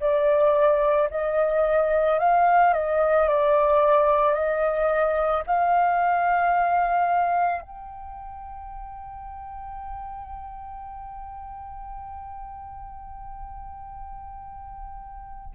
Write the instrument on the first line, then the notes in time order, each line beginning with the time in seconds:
flute
0.00 D5
1.11 D#5
2.19 F5
2.74 D#5
3.28 D5
4.34 D#5
5.47 F5
7.61 G5